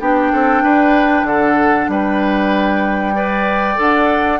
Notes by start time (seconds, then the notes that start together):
0.00 B3 D4 G4 G5
0.32 C4 A4
0.63 D4 B4
1.23 D3 A4 F#5
1.88 G3 B4 G5
3.15 B4 D5
3.76 D4 A4 F#5